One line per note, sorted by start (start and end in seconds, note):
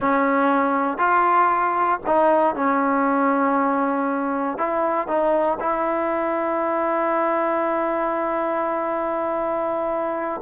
0.00 0.98 C#4
0.98 1.99 F4
2.06 2.55 D#4
2.55 4.58 C#4
4.58 5.07 E4
5.07 5.58 D#4
5.60 10.41 E4